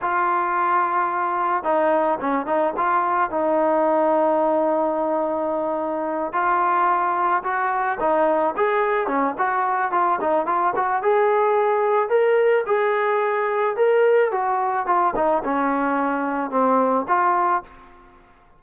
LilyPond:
\new Staff \with { instrumentName = "trombone" } { \time 4/4 \tempo 4 = 109 f'2. dis'4 | cis'8 dis'8 f'4 dis'2~ | dis'2.~ dis'8 f'8~ | f'4. fis'4 dis'4 gis'8~ |
gis'8 cis'8 fis'4 f'8 dis'8 f'8 fis'8 | gis'2 ais'4 gis'4~ | gis'4 ais'4 fis'4 f'8 dis'8 | cis'2 c'4 f'4 | }